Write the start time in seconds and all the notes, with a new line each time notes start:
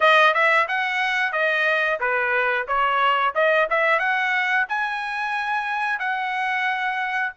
0.00 D#5
0.33 E5
0.68 F#5
1.32 D#5
2.00 B4
2.67 C#5
3.35 D#5
3.70 E5
3.99 F#5
4.68 G#5
5.99 F#5